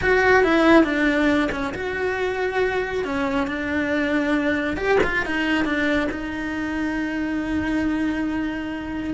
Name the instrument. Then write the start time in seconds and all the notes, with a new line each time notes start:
cello
0.01 F#4
0.43 E4
0.84 D4
1.51 C#4
1.74 F#4
3.04 C#4
3.47 D4
4.76 G4
5.03 F4
5.25 D#4
5.64 D4
6.11 D#4